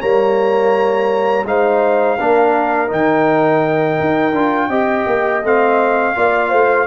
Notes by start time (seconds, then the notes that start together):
0.00 G3 A#3 C#5 A#5
1.45 G#3 D#4 C5 F5
2.19 A#3 D4 A#4
2.87 D#3 D#4 G5
4.00 D#4
4.32 D4 F4
4.69 C4 G4 D#5
5.06 A#3
5.42 A3 C4 F5
6.15 A#3 F4 D5
6.49 A3 C5